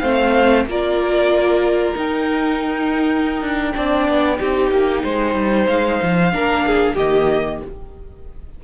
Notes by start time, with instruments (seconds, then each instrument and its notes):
0.00 cello A3, viola C4, violin C5 F5
0.66 cello A#3, viola F4, violin A#4 D5
1.95 viola D#4, cello D#4, violin G5
3.42 cello D4
3.74 cello C4, viola D4, violin D5
4.08 cello B3
4.37 cello C4, viola D#4, violin G4
4.72 cello A#3
5.04 cello G#3, violin C5
5.35 cello G3
5.67 cello G#3, violin F5
6.03 cello F3
6.33 cello A#3, viola D4, violin A#4
6.67 violin G#4
6.95 cello D#3, viola A#3, violin G4 D#5